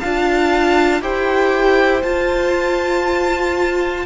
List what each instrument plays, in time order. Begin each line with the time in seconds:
0.00 cello D4, viola F4, violin F5 A5
1.01 cello E4, viola G4, violin C5 G5
2.03 cello F4, viola F4, violin A5